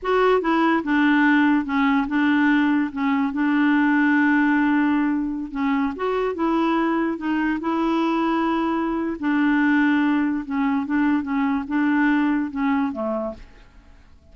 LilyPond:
\new Staff \with { instrumentName = "clarinet" } { \time 4/4 \tempo 4 = 144 fis'4 e'4 d'2 | cis'4 d'2 cis'4 | d'1~ | d'4~ d'16 cis'4 fis'4 e'8.~ |
e'4~ e'16 dis'4 e'4.~ e'16~ | e'2 d'2~ | d'4 cis'4 d'4 cis'4 | d'2 cis'4 a4 | }